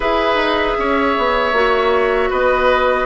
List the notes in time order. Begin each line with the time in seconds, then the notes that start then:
0.00 E4 G#4 B4 E5
0.35 D#4
0.78 C#4 C#5
1.17 B3
1.52 A#3 F#4
2.29 B3 B4 D#5